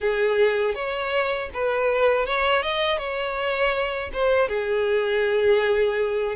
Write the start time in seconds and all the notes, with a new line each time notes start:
0.00 G#4
0.74 C#5
1.53 B4
2.26 C#5
2.62 D#5
2.98 C#5
4.13 C5
4.48 G#4